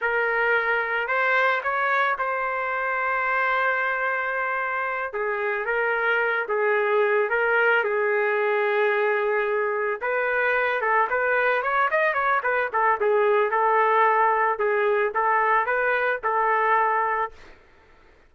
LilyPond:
\new Staff \with { instrumentName = "trumpet" } { \time 4/4 \tempo 4 = 111 ais'2 c''4 cis''4 | c''1~ | c''4. gis'4 ais'4. | gis'4. ais'4 gis'4.~ |
gis'2~ gis'8 b'4. | a'8 b'4 cis''8 dis''8 cis''8 b'8 a'8 | gis'4 a'2 gis'4 | a'4 b'4 a'2 | }